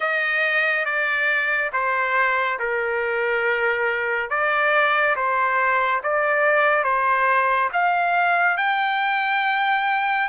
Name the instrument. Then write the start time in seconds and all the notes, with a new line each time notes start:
trumpet
0.00 D#5
0.85 D5
1.73 C5
2.59 A#4
4.30 D5
5.15 C5
6.03 D5
6.83 C5
7.73 F5
8.57 G5